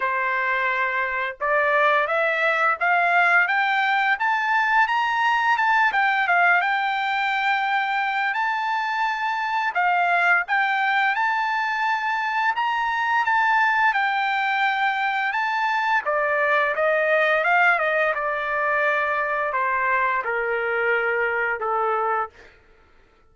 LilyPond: \new Staff \with { instrumentName = "trumpet" } { \time 4/4 \tempo 4 = 86 c''2 d''4 e''4 | f''4 g''4 a''4 ais''4 | a''8 g''8 f''8 g''2~ g''8 | a''2 f''4 g''4 |
a''2 ais''4 a''4 | g''2 a''4 d''4 | dis''4 f''8 dis''8 d''2 | c''4 ais'2 a'4 | }